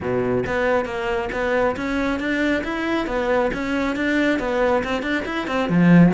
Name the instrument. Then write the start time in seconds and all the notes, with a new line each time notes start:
cello
0.00 B2
0.46 B3
0.85 A#3
1.32 B3
1.76 C#4
2.19 D4
2.64 E4
3.07 B3
3.53 C#4
3.96 D4
4.39 B3
4.84 C4
5.02 D4
5.25 E4
5.47 C4
5.69 F3